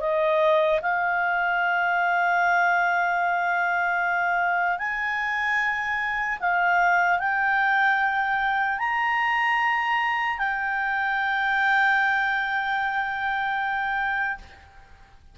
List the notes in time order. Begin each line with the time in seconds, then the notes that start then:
0.00 D#5
0.82 F5
4.79 G#5
6.40 F5
7.19 G5
8.79 A#5
10.38 G5